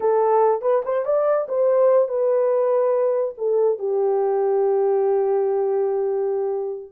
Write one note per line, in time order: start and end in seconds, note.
0.00 0.61 A4
0.61 0.82 B4
0.84 1.05 C5
1.05 1.47 D5
1.48 2.08 C5
2.08 3.34 B4
3.37 3.79 A4
3.79 6.92 G4